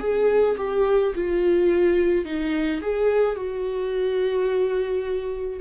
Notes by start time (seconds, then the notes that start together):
0.00 G#4
0.58 G4
1.15 F4
2.25 D#4
2.81 G#4
3.36 F#4